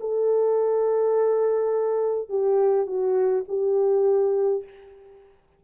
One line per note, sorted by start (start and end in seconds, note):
0.00 2.29 A4
2.29 2.86 G4
2.86 3.44 F#4
3.48 4.64 G4